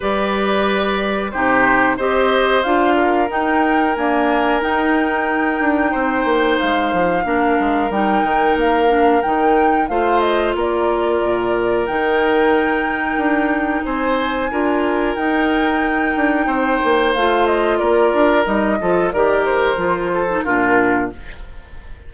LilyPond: <<
  \new Staff \with { instrumentName = "flute" } { \time 4/4 \tempo 4 = 91 d''2 c''4 dis''4 | f''4 g''4 gis''4 g''4~ | g''2 f''2 | g''4 f''4 g''4 f''8 dis''8 |
d''2 g''2~ | g''4 gis''2 g''4~ | g''2 f''8 dis''8 d''4 | dis''4 d''8 c''4. ais'4 | }
  \new Staff \with { instrumentName = "oboe" } { \time 4/4 b'2 g'4 c''4~ | c''8 ais'2.~ ais'8~ | ais'4 c''2 ais'4~ | ais'2. c''4 |
ais'1~ | ais'4 c''4 ais'2~ | ais'4 c''2 ais'4~ | ais'8 a'8 ais'4. a'8 f'4 | }
  \new Staff \with { instrumentName = "clarinet" } { \time 4/4 g'2 dis'4 g'4 | f'4 dis'4 ais4 dis'4~ | dis'2. d'4 | dis'4. d'8 dis'4 f'4~ |
f'2 dis'2~ | dis'2 f'4 dis'4~ | dis'2 f'2 | dis'8 f'8 g'4 f'8. dis'16 d'4 | }
  \new Staff \with { instrumentName = "bassoon" } { \time 4/4 g2 c4 c'4 | d'4 dis'4 d'4 dis'4~ | dis'8 d'8 c'8 ais8 gis8 f8 ais8 gis8 | g8 dis8 ais4 dis4 a4 |
ais4 ais,4 dis2 | d'4 c'4 d'4 dis'4~ | dis'8 d'8 c'8 ais8 a4 ais8 d'8 | g8 f8 dis4 f4 ais,4 | }
>>